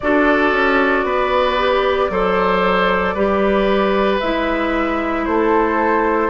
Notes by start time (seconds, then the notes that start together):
0.00 D4 F#4 A4 D5
0.51 C#4
1.03 B3 B4
1.58 G4
2.09 F#3 A4 C5
3.14 G3 G4 B4
4.20 G#3 E4 E5
5.25 A3 A4 C5